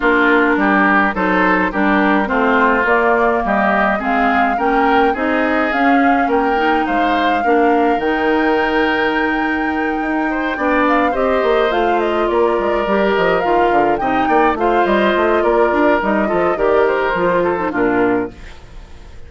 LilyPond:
<<
  \new Staff \with { instrumentName = "flute" } { \time 4/4 \tempo 4 = 105 ais'2 c''4 ais'4 | c''4 d''4 dis''4 f''4 | g''4 dis''4 f''4 g''4 | f''2 g''2~ |
g''2. f''8 dis''8~ | dis''8 f''8 dis''8 d''4. dis''8 f''8~ | f''8 g''4 f''8 dis''4 d''4 | dis''4 d''8 c''4. ais'4 | }
  \new Staff \with { instrumentName = "oboe" } { \time 4/4 f'4 g'4 a'4 g'4 | f'2 g'4 gis'4 | ais'4 gis'2 ais'4 | c''4 ais'2.~ |
ais'2 c''8 d''4 c''8~ | c''4. ais'2~ ais'8~ | ais'8 dis''8 d''8 c''4. ais'4~ | ais'8 a'8 ais'4. a'8 f'4 | }
  \new Staff \with { instrumentName = "clarinet" } { \time 4/4 d'2 dis'4 d'4 | c'4 ais2 c'4 | cis'4 dis'4 cis'4. dis'8~ | dis'4 d'4 dis'2~ |
dis'2~ dis'8 d'4 g'8~ | g'8 f'2 g'4 f'8~ | f'8 dis'4 f'2~ f'8 | dis'8 f'8 g'4 f'8. dis'16 d'4 | }
  \new Staff \with { instrumentName = "bassoon" } { \time 4/4 ais4 g4 fis4 g4 | a4 ais4 g4 gis4 | ais4 c'4 cis'4 ais4 | gis4 ais4 dis2~ |
dis4. dis'4 b4 c'8 | ais8 a4 ais8 gis8 g8 f8 dis8 | d8 c8 ais8 a8 g8 a8 ais8 d'8 | g8 f8 dis4 f4 ais,4 | }
>>